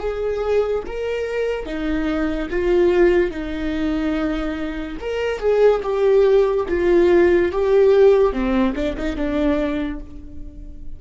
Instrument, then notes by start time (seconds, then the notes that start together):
viola
0.00 G#4
0.87 A#4
1.66 D#4
2.50 F4
3.31 D#4
5.00 A#4
5.39 G#4
5.83 G4
6.69 F4
7.52 G4
8.33 C4
8.76 D4
8.97 D#4
9.17 D4